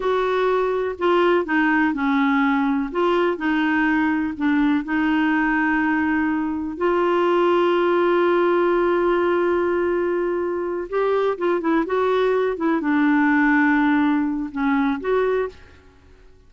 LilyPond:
\new Staff \with { instrumentName = "clarinet" } { \time 4/4 \tempo 4 = 124 fis'2 f'4 dis'4 | cis'2 f'4 dis'4~ | dis'4 d'4 dis'2~ | dis'2 f'2~ |
f'1~ | f'2~ f'8 g'4 f'8 | e'8 fis'4. e'8 d'4.~ | d'2 cis'4 fis'4 | }